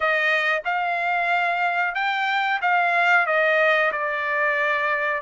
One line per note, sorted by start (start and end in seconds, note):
0.00 0.62 D#5
0.64 1.94 F5
1.94 2.60 G5
2.61 3.26 F5
3.26 3.91 D#5
3.92 5.21 D5